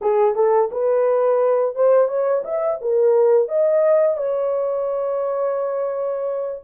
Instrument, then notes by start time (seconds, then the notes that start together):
horn
0.01 G#4
0.35 A4
0.71 B4
1.75 C5
2.07 C#5
2.44 E5
2.81 A#4
3.48 D#5
4.17 C#5